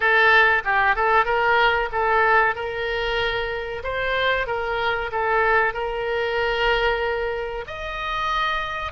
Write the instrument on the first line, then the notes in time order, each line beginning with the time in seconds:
oboe
0.00 A4
0.64 G4
0.95 A4
1.25 A#4
1.92 A4
2.55 A#4
3.83 C5
4.47 A#4
5.11 A4
5.73 A#4
7.67 D#5